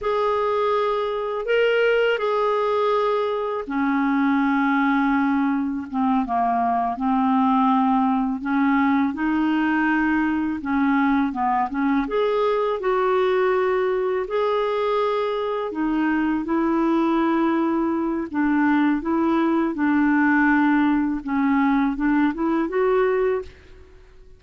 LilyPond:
\new Staff \with { instrumentName = "clarinet" } { \time 4/4 \tempo 4 = 82 gis'2 ais'4 gis'4~ | gis'4 cis'2. | c'8 ais4 c'2 cis'8~ | cis'8 dis'2 cis'4 b8 |
cis'8 gis'4 fis'2 gis'8~ | gis'4. dis'4 e'4.~ | e'4 d'4 e'4 d'4~ | d'4 cis'4 d'8 e'8 fis'4 | }